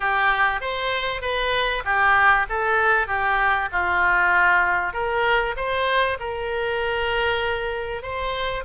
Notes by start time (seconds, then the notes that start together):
0.00 G4
0.60 C5
1.21 B4
1.84 G4
2.49 A4
3.07 G4
3.71 F4
4.93 A#4
5.56 C5
6.19 A#4
8.02 C5